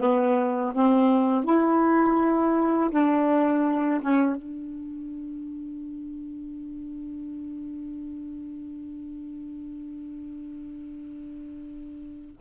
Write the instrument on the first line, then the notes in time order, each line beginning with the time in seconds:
saxophone
0.00 B3
0.74 C4
1.44 E4
2.91 D4
4.01 C#4
4.36 D4